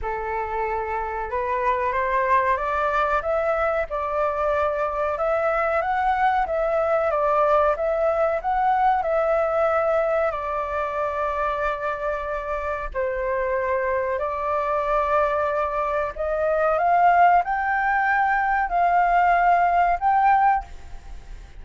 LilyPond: \new Staff \with { instrumentName = "flute" } { \time 4/4 \tempo 4 = 93 a'2 b'4 c''4 | d''4 e''4 d''2 | e''4 fis''4 e''4 d''4 | e''4 fis''4 e''2 |
d''1 | c''2 d''2~ | d''4 dis''4 f''4 g''4~ | g''4 f''2 g''4 | }